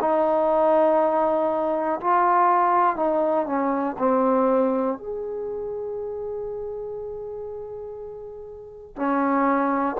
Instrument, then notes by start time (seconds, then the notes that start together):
trombone
0.00 D#4
2.00 F4
2.96 D#4
3.46 C#4
3.98 C4
4.98 G#4
8.96 C#4